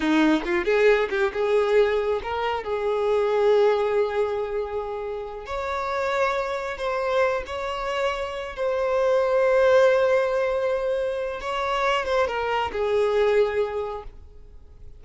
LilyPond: \new Staff \with { instrumentName = "violin" } { \time 4/4 \tempo 4 = 137 dis'4 f'8 gis'4 g'8 gis'4~ | gis'4 ais'4 gis'2~ | gis'1~ | gis'8 cis''2. c''8~ |
c''4 cis''2~ cis''8 c''8~ | c''1~ | c''2 cis''4. c''8 | ais'4 gis'2. | }